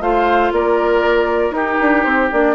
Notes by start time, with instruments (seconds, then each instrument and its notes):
0.00 bassoon A3, clarinet F4, oboe C5, flute F5
0.51 bassoon A#3, oboe A#4, flute D5
1.50 bassoon D#4, clarinet D#4, oboe G4, flute A#4
1.80 bassoon D4
2.03 bassoon C4, flute C5
2.31 bassoon A#3, clarinet D4, flute D5